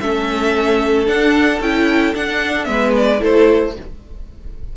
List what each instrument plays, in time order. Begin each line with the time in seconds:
0.00 cello A3, viola C#4, violin A4 E5
1.05 viola D4, cello D4, violin F#5
1.60 cello C#4, viola E4, violin G5
2.14 viola D4, cello D4, violin F#5
2.64 cello G#3, viola B3, violin B4 E5
2.96 violin D5
3.20 cello A3, viola E4, violin A4 C5